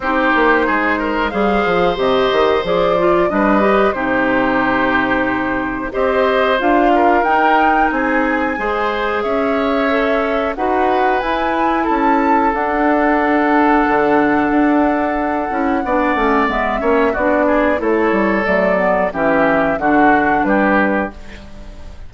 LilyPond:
<<
  \new Staff \with { instrumentName = "flute" } { \time 4/4 \tempo 4 = 91 c''2 f''4 dis''4 | d''4 dis''4 c''2~ | c''4 dis''4 f''4 g''4 | gis''2 e''2 |
fis''4 gis''4 a''4 fis''4~ | fis''1~ | fis''4 e''4 d''4 cis''4 | d''4 e''4 fis''4 b'4 | }
  \new Staff \with { instrumentName = "oboe" } { \time 4/4 g'4 gis'8 ais'8 c''2~ | c''4 b'4 g'2~ | g'4 c''4. ais'4. | gis'4 c''4 cis''2 |
b'2 a'2~ | a'1 | d''4. cis''8 fis'8 gis'8 a'4~ | a'4 g'4 fis'4 g'4 | }
  \new Staff \with { instrumentName = "clarinet" } { \time 4/4 dis'2 gis'4 g'4 | gis'8 f'8 d'8 g'8 dis'2~ | dis'4 g'4 f'4 dis'4~ | dis'4 gis'2 a'4 |
fis'4 e'2 d'4~ | d'2.~ d'8 e'8 | d'8 cis'8 b8 cis'8 d'4 e'4 | a8 b8 cis'4 d'2 | }
  \new Staff \with { instrumentName = "bassoon" } { \time 4/4 c'8 ais8 gis4 g8 f8 c8 dis8 | f4 g4 c2~ | c4 c'4 d'4 dis'4 | c'4 gis4 cis'2 |
dis'4 e'4 cis'4 d'4~ | d'4 d4 d'4. cis'8 | b8 a8 gis8 ais8 b4 a8 g8 | fis4 e4 d4 g4 | }
>>